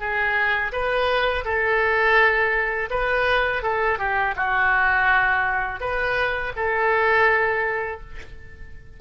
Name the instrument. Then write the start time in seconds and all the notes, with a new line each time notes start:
oboe
0.00 G#4
0.73 B4
1.45 A4
2.91 B4
3.63 A4
3.99 G4
4.37 F#4
5.81 B4
6.57 A4